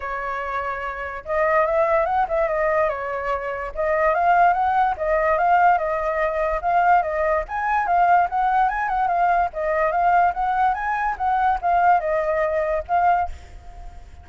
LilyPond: \new Staff \with { instrumentName = "flute" } { \time 4/4 \tempo 4 = 145 cis''2. dis''4 | e''4 fis''8 e''8 dis''4 cis''4~ | cis''4 dis''4 f''4 fis''4 | dis''4 f''4 dis''2 |
f''4 dis''4 gis''4 f''4 | fis''4 gis''8 fis''8 f''4 dis''4 | f''4 fis''4 gis''4 fis''4 | f''4 dis''2 f''4 | }